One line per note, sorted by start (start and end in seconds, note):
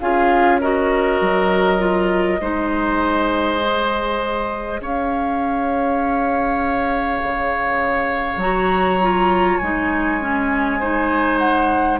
0.00 1.21 C#4
0.00 0.61 F4
0.00 0.60 G#4
0.00 0.60 F5
0.60 1.79 F#4
0.60 2.41 A#4
0.60 4.81 D#5
1.21 2.41 F#3
1.79 2.39 F4
2.41 4.80 G#3
2.41 3.60 D#4
2.41 4.81 C5
3.60 8.40 G#4
4.80 7.21 C#4
4.80 10.80 C#5
4.80 8.41 F5
7.23 8.37 C#3
8.37 9.56 F#3
8.37 9.00 F#4
8.37 9.58 A#5
9.02 9.62 F4
9.58 12.00 G#3
9.58 10.21 D#4
9.58 11.38 G#5
10.21 10.81 C#4
10.80 12.00 D#4
10.80 12.00 C5
11.38 11.98 F#5